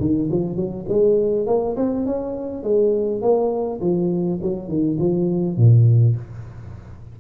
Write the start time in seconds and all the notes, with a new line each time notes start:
0.00 D#3
0.31 F3
0.56 F#3
0.89 G#3
1.47 A#3
1.77 C4
2.06 C#4
2.63 G#3
3.21 A#3
3.81 F3
4.42 F#3
4.68 D#3
4.99 F3
5.57 A#2